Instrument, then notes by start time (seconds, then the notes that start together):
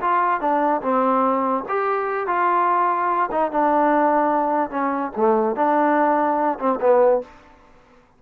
trombone
0.00 F4
0.40 D4
0.82 C4
1.68 G4
2.27 F4
3.31 D#4
3.51 D4
4.70 C#4
5.16 A3
5.56 D4
6.58 C4
6.80 B3